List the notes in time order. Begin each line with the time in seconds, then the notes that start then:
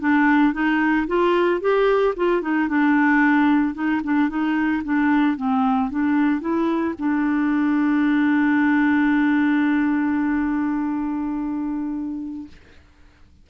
0.00 D4
0.54 D#4
1.07 F4
1.61 G4
2.16 F4
2.42 D#4
2.68 D4
3.75 D#4
4.04 D4
4.29 D#4
4.84 D4
5.37 C4
5.91 D4
6.41 E4
6.98 D4